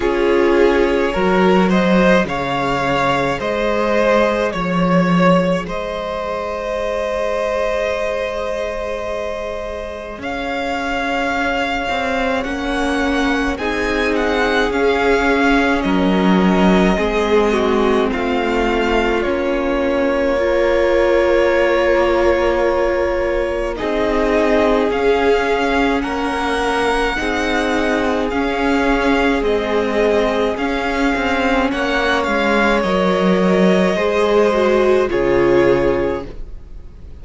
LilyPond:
<<
  \new Staff \with { instrumentName = "violin" } { \time 4/4 \tempo 4 = 53 cis''4. dis''8 f''4 dis''4 | cis''4 dis''2.~ | dis''4 f''2 fis''4 | gis''8 fis''8 f''4 dis''2 |
f''4 cis''2.~ | cis''4 dis''4 f''4 fis''4~ | fis''4 f''4 dis''4 f''4 | fis''8 f''8 dis''2 cis''4 | }
  \new Staff \with { instrumentName = "violin" } { \time 4/4 gis'4 ais'8 c''8 cis''4 c''4 | cis''4 c''2.~ | c''4 cis''2. | gis'2 ais'4 gis'8 fis'8 |
f'2 ais'2~ | ais'4 gis'2 ais'4 | gis'1 | cis''2 c''4 gis'4 | }
  \new Staff \with { instrumentName = "viola" } { \time 4/4 f'4 fis'4 gis'2~ | gis'1~ | gis'2. cis'4 | dis'4 cis'2 c'4~ |
c'4 cis'4 f'2~ | f'4 dis'4 cis'2 | dis'4 cis'4 gis4 cis'4~ | cis'4 ais'4 gis'8 fis'8 f'4 | }
  \new Staff \with { instrumentName = "cello" } { \time 4/4 cis'4 fis4 cis4 gis4 | f4 gis2.~ | gis4 cis'4. c'8 ais4 | c'4 cis'4 fis4 gis4 |
a4 ais2.~ | ais4 c'4 cis'4 ais4 | c'4 cis'4 c'4 cis'8 c'8 | ais8 gis8 fis4 gis4 cis4 | }
>>